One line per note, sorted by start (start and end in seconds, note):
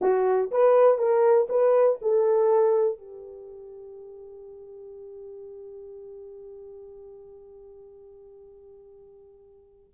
0.01 0.50 F#4
0.51 0.98 B4
0.98 1.47 A#4
1.49 1.98 B4
2.01 2.98 A4
2.98 9.92 G4